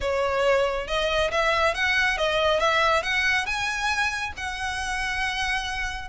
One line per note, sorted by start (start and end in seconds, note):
0.00 0.87 C#5
0.87 1.30 D#5
1.31 1.74 E5
1.74 2.17 F#5
2.17 2.59 D#5
2.59 3.02 E5
3.02 3.46 F#5
3.46 4.33 G#5
4.36 6.08 F#5